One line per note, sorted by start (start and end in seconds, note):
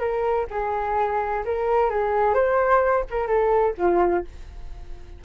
0.00 0.47 A#4
0.50 1.44 G#4
1.45 1.90 A#4
1.90 2.34 G#4
2.34 3.04 C5
3.10 3.27 A#4
3.27 3.74 A4
3.78 4.25 F4